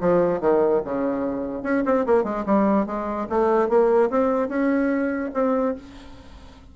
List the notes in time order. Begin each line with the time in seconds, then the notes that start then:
0.00 F3
0.41 D#3
0.84 C#3
1.63 C#4
1.85 C4
2.06 A#3
2.24 G#3
2.46 G3
2.86 G#3
3.30 A3
3.69 A#3
4.10 C4
4.49 C#4
5.34 C4